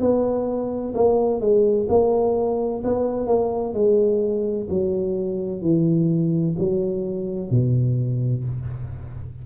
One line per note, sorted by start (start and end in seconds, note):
0.00 0.94 B3
0.95 1.41 A#3
1.41 1.87 G#3
1.89 2.83 A#3
2.84 3.27 B3
3.27 3.74 A#3
3.74 4.67 G#3
4.70 5.62 F#3
5.62 6.56 E3
6.59 7.50 F#3
7.50 8.44 B2